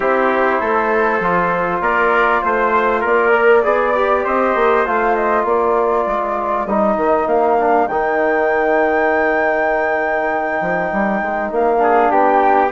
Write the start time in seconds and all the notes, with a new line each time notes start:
0.00 C4 E4 G4 C5
0.60 A3 A4
1.20 F3 F4
1.80 A#3 A#4 D5
2.42 A3 C5
3.00 A#3 A#4 D5
3.32 A#4
3.63 B3 G#4 D5
3.94 G4
4.24 C4 C5 D#5
4.55 A#3
4.85 A3 F4 F5
5.15 D#5
5.44 A#3 A#4 D5
6.06 G#3
6.66 G3 D#4 D#5
6.96 D#3
7.26 A#3 F5
7.59 D4
7.87 D#3 D#4 G5
10.60 F3
10.92 G3
11.21 G#3
11.51 A#3 F5
11.78 D4 G#4
12.10 B3 G4 G5